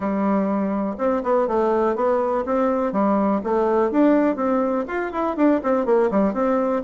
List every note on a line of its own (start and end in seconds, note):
0.00 0.96 G3
0.98 1.22 C4
1.23 1.47 B3
1.47 1.95 A3
1.95 2.44 B3
2.45 2.92 C4
2.92 3.41 G3
3.43 3.91 A3
3.91 4.36 D4
4.36 4.84 C4
4.87 5.12 F4
5.12 5.36 E4
5.36 5.61 D4
5.63 5.85 C4
5.85 6.10 A#3
6.10 6.33 G3
6.33 6.82 C4